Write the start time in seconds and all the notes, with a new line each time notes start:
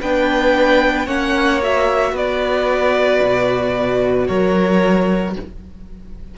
0.00 B3 D4 B4 G5
1.06 A#3 C#4 C#5 F#5
1.62 F#4 E5
2.12 B3 B4 D5
3.22 B2
4.27 F#3 A#4 C#5